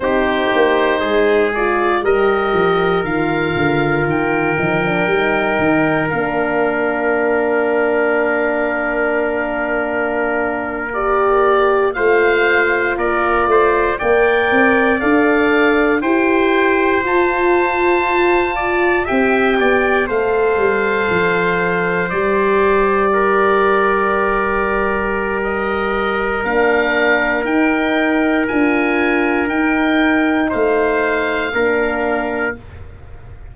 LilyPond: <<
  \new Staff \with { instrumentName = "oboe" } { \time 4/4 \tempo 4 = 59 c''4. d''8 dis''4 f''4 | g''2 f''2~ | f''2~ f''8. d''4 f''16~ | f''8. d''4 g''4 f''4 g''16~ |
g''8. a''2 g''4 f''16~ | f''4.~ f''16 d''2~ d''16~ | d''4 dis''4 f''4 g''4 | gis''4 g''4 f''2 | }
  \new Staff \with { instrumentName = "trumpet" } { \time 4/4 g'4 gis'4 ais'2~ | ais'1~ | ais'2.~ ais'8. c''16~ | c''8. ais'8 c''8 d''2 c''16~ |
c''2~ c''16 d''8 e''8 d''8 c''16~ | c''2~ c''8. ais'4~ ais'16~ | ais'1~ | ais'2 c''4 ais'4 | }
  \new Staff \with { instrumentName = "horn" } { \time 4/4 dis'4. f'8 g'4 f'4~ | f'8 dis'16 d'16 dis'4 d'2~ | d'2~ d'8. g'4 f'16~ | f'4.~ f'16 ais'4 a'4 g'16~ |
g'8. f'2 g'4 a'16~ | a'4.~ a'16 g'2~ g'16~ | g'2 d'4 dis'4 | f'4 dis'2 d'4 | }
  \new Staff \with { instrumentName = "tuba" } { \time 4/4 c'8 ais8 gis4 g8 f8 dis8 d8 | dis8 f8 g8 dis8 ais2~ | ais2.~ ais8. a16~ | a8. ais8 a8 ais8 c'8 d'4 e'16~ |
e'8. f'2 c'8 b8 a16~ | a16 g8 f4 g2~ g16~ | g2 ais4 dis'4 | d'4 dis'4 a4 ais4 | }
>>